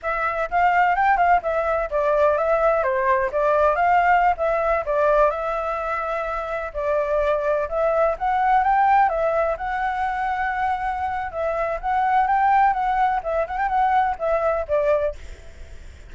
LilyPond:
\new Staff \with { instrumentName = "flute" } { \time 4/4 \tempo 4 = 127 e''4 f''4 g''8 f''8 e''4 | d''4 e''4 c''4 d''4 | f''4~ f''16 e''4 d''4 e''8.~ | e''2~ e''16 d''4.~ d''16~ |
d''16 e''4 fis''4 g''4 e''8.~ | e''16 fis''2.~ fis''8. | e''4 fis''4 g''4 fis''4 | e''8 fis''16 g''16 fis''4 e''4 d''4 | }